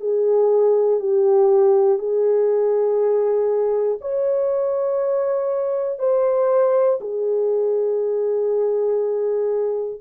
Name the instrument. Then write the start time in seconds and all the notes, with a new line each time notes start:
horn
0.00 G#4
0.99 G4
1.98 G#4
4.00 C#5
5.99 C5
7.00 G#4